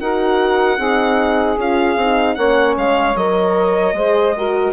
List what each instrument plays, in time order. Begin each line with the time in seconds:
0.00 bassoon D#4, horn F#4, saxophone A#4, violin F#5
0.77 bassoon C4, horn D#4, saxophone G#4
1.58 bassoon C#4, horn F4, violin F5
1.96 bassoon C4, horn D#4
2.35 bassoon A#3, horn C#4, saxophone C#5, violin F#5
2.77 bassoon G#3, violin F5
3.15 bassoon F#3, horn A#4, violin D#5
3.93 bassoon G#3, horn G#4, saxophone C5
4.35 horn F#4, saxophone A#4